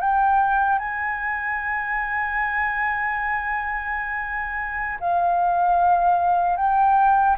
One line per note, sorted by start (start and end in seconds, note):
0.00 0.79 G5
0.79 4.99 G#5
5.00 6.57 F5
6.57 7.37 G5